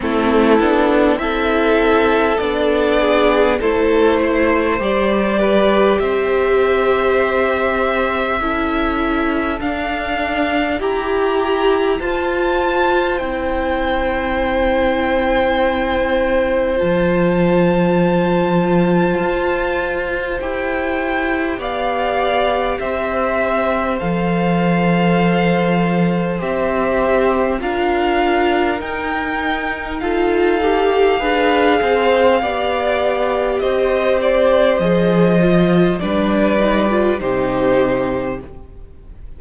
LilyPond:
<<
  \new Staff \with { instrumentName = "violin" } { \time 4/4 \tempo 4 = 50 a'4 e''4 d''4 c''4 | d''4 e''2. | f''4 ais''4 a''4 g''4~ | g''2 a''2~ |
a''4 g''4 f''4 e''4 | f''2 e''4 f''4 | g''4 f''2. | dis''8 d''8 dis''4 d''4 c''4 | }
  \new Staff \with { instrumentName = "violin" } { \time 4/4 e'4 a'4. gis'8 a'8 c''8~ | c''8 b'8 c''2 a'4~ | a'4 g'4 c''2~ | c''1~ |
c''2 d''4 c''4~ | c''2. ais'4~ | ais'4 a'4 b'8 c''8 d''4 | c''2 b'4 g'4 | }
  \new Staff \with { instrumentName = "viola" } { \time 4/4 c'8 d'8 e'4 d'4 e'4 | g'2. e'4 | d'4 g'4 f'4 e'4~ | e'2 f'2~ |
f'4 g'2. | a'2 g'4 f'4 | dis'4 f'8 g'8 gis'4 g'4~ | g'4 gis'8 f'8 d'8 dis'16 f'16 dis'4 | }
  \new Staff \with { instrumentName = "cello" } { \time 4/4 a8 b8 c'4 b4 a4 | g4 c'2 cis'4 | d'4 e'4 f'4 c'4~ | c'2 f2 |
f'4 e'4 b4 c'4 | f2 c'4 d'4 | dis'2 d'8 c'8 b4 | c'4 f4 g4 c4 | }
>>